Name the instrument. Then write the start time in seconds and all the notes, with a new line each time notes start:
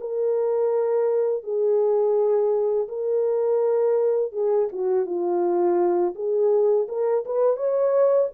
horn
0.00 A#4
1.43 G#4
2.88 A#4
4.32 G#4
4.72 F#4
5.06 F4
6.15 G#4
6.88 A#4
7.25 B4
7.56 C#5